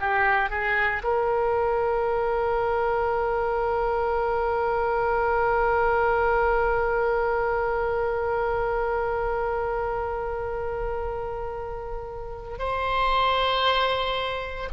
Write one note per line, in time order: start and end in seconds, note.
0.00 0.50 G4
0.50 1.03 G#4
1.03 12.58 A#4
12.58 14.69 C5